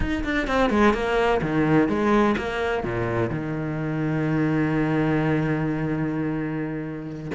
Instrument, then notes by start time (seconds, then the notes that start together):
cello
0.00 D#4
0.23 D4
0.47 C4
0.70 G#3
0.93 A#3
1.41 D#3
1.88 G#3
2.37 A#3
2.83 A#2
3.29 D#3